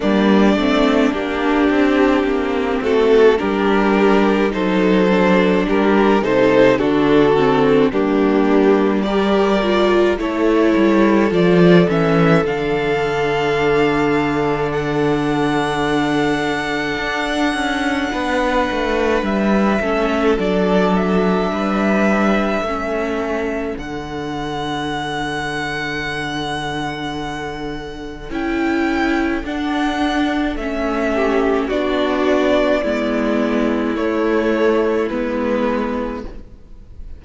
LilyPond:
<<
  \new Staff \with { instrumentName = "violin" } { \time 4/4 \tempo 4 = 53 d''4 g'4. a'8 ais'4 | c''4 ais'8 c''8 a'4 g'4 | d''4 cis''4 d''8 e''8 f''4~ | f''4 fis''2.~ |
fis''4 e''4 d''8 e''4.~ | e''4 fis''2.~ | fis''4 g''4 fis''4 e''4 | d''2 cis''4 b'4 | }
  \new Staff \with { instrumentName = "violin" } { \time 4/4 d'2~ d'8 fis'8 g'4 | a'4 g'8 a'8 fis'4 d'4 | ais'4 a'2.~ | a'1 |
b'4. a'4. b'4 | a'1~ | a'2.~ a'8 g'8 | fis'4 e'2. | }
  \new Staff \with { instrumentName = "viola" } { \time 4/4 ais8 c'8 d'4 c'4 d'4 | dis'8 d'4 dis'8 d'8 c'8 ais4 | g'8 f'8 e'4 f'8 cis'8 d'4~ | d'1~ |
d'4. cis'8 d'2 | cis'4 d'2.~ | d'4 e'4 d'4 cis'4 | d'4 b4 a4 b4 | }
  \new Staff \with { instrumentName = "cello" } { \time 4/4 g8 a8 ais8 c'8 ais8 a8 g4 | fis4 g8 c8 d4 g4~ | g4 a8 g8 f8 e8 d4~ | d2. d'8 cis'8 |
b8 a8 g8 a8 fis4 g4 | a4 d2.~ | d4 cis'4 d'4 a4 | b4 gis4 a4 gis4 | }
>>